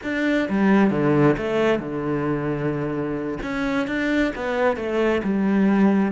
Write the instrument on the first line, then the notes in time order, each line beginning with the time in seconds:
cello
0.03 D4
0.49 G3
0.90 D3
1.37 A3
1.79 D3
3.42 C#4
3.87 D4
4.35 B3
4.76 A3
5.23 G3